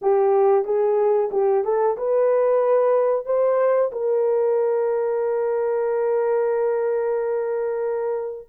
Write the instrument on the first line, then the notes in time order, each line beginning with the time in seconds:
horn
0.01 G4
0.64 G#4
1.31 G4
1.64 A4
1.97 B4
3.25 C5
3.91 A#4